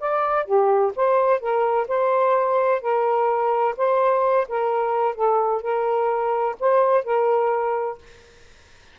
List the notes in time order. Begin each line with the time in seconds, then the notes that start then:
0.00 D5
0.46 G4
0.96 C5
1.41 A#4
1.88 C5
2.82 A#4
3.77 C5
4.49 A#4
5.15 A4
5.62 A#4
6.60 C5
7.05 A#4